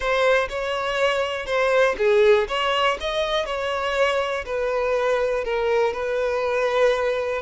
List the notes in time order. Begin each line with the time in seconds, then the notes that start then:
0.00 C5
0.49 C#5
1.46 C5
1.98 G#4
2.48 C#5
3.00 D#5
3.45 C#5
4.45 B4
5.44 A#4
5.93 B4